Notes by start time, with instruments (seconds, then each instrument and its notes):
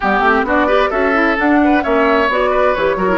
0.00 bassoon G3, clarinet B3, oboe G4, flute G4
0.19 bassoon A3, clarinet C4
0.43 bassoon B3, clarinet D4, oboe F#4, flute D5
0.66 clarinet G4, oboe B4
0.90 bassoon C#4, clarinet F#4, oboe A4, flute E5
1.13 clarinet E4
1.36 clarinet D4, bassoon D4, flute F#5
1.64 oboe B4
1.81 bassoon A#3, clarinet C#4, oboe C#5, flute E5
2.28 bassoon B3, clarinet F#4, flute D5
2.50 oboe B4
2.74 bassoon E3, clarinet G4, flute C#5
2.96 bassoon F#3, clarinet F#4, oboe A#4
3.08 clarinet E4